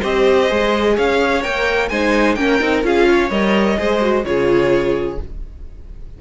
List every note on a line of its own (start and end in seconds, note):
0.00 0.51 C4
0.00 0.50 G4
0.00 0.94 C5
0.00 0.98 D#5
0.50 0.98 G#3
0.50 1.43 G#4
0.96 1.45 C#4
0.96 1.90 C#5
0.96 1.44 F5
1.43 1.91 A#3
1.43 1.90 A#4
1.43 1.89 G5
1.89 2.37 G#3
1.89 2.38 D#4
1.89 2.38 C5
1.89 2.35 G#5
2.35 2.60 A#3
2.35 2.61 C#4
2.35 2.87 A#4
2.35 2.82 G5
2.61 2.83 C4
2.61 2.83 D#4
2.83 3.30 C#4
2.83 3.30 F4
2.83 3.09 G#4
2.83 3.31 F5
3.09 3.79 C#5
3.30 3.77 G3
3.30 3.77 A#4
3.30 4.25 D#5
3.77 4.25 G#3
3.77 4.00 G#4
3.77 4.26 C5
4.01 4.24 F#4
4.25 5.19 C#3
4.25 5.18 F4
4.25 5.21 G#4
4.25 5.19 C#5